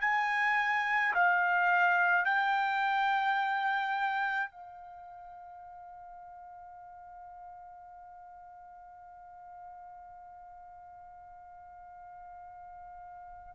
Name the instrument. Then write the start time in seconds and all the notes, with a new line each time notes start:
trumpet
0.00 G#5
1.14 F5
2.24 G5
4.50 F5